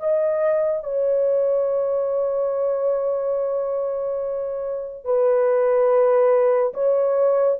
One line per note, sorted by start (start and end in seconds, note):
0.00 0.83 D#5
0.83 5.04 C#5
5.04 6.73 B4
6.74 7.58 C#5